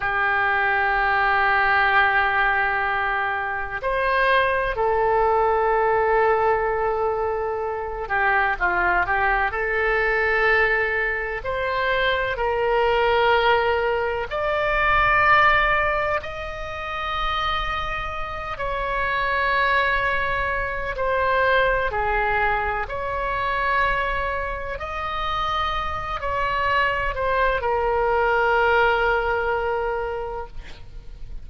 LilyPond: \new Staff \with { instrumentName = "oboe" } { \time 4/4 \tempo 4 = 63 g'1 | c''4 a'2.~ | a'8 g'8 f'8 g'8 a'2 | c''4 ais'2 d''4~ |
d''4 dis''2~ dis''8 cis''8~ | cis''2 c''4 gis'4 | cis''2 dis''4. cis''8~ | cis''8 c''8 ais'2. | }